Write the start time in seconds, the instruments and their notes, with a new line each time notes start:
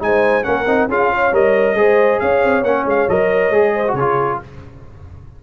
0.00 tuba G#3, trombone D#4, horn C5, trumpet G#5
0.43 tuba A#3, trombone C#4, horn A#4, trumpet F#5
0.67 tuba C4, trombone D#4
0.89 tuba C#4, trombone F4, horn G#4, trumpet F5
1.11 horn C#5
1.32 tuba G3, trombone A#4, trumpet D#5
1.75 tuba G#3, trombone G#4, horn C5
2.20 tuba C#4, horn C#5, trumpet F5
2.44 tuba C4
2.63 tuba A#3, trombone C#4, trumpet F#5
2.86 tuba G#3, trumpet F5
3.09 tuba F#3, trombone A#4, trumpet D#5
3.51 tuba G#3, trombone G#4
3.74 horn C5
3.88 tuba C#3, trombone F#4
3.95 trombone F4, horn G#4, trumpet C#5